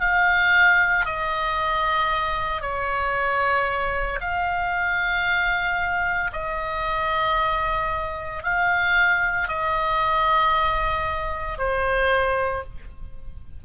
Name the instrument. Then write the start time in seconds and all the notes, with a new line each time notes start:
oboe
0.00 F5
1.05 D#5
2.61 C#5
4.21 F5
6.33 D#5
8.43 F5
9.48 D#5
11.58 C5